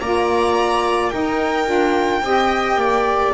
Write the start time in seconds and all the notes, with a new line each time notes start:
0.00 A#3 F4 D5 A#5
1.09 D#4 A#4 G5
1.66 D4 F4
2.22 C4 G4 D#5
2.76 A#3 D5